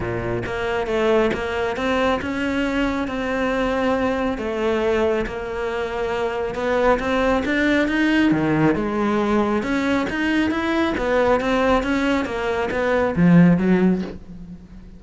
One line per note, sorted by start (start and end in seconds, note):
0.00 0.43 A#2
0.46 0.87 A#3
0.87 1.30 A3
1.33 1.76 A#3
1.76 2.20 C4
2.21 3.07 C#4
3.07 4.38 C4
4.38 5.25 A3
5.26 6.55 A#3
6.55 6.98 B3
6.99 7.43 C4
7.45 7.88 D4
7.88 8.31 D#4
8.31 8.75 D#3
8.75 9.62 G#3
9.63 10.06 C#4
10.09 10.50 D#4
10.50 10.94 E4
10.97 11.40 B3
11.40 11.83 C4
11.83 12.25 C#4
12.25 12.69 A#3
12.70 13.14 B3
13.16 13.57 F3
13.57 14.01 F#3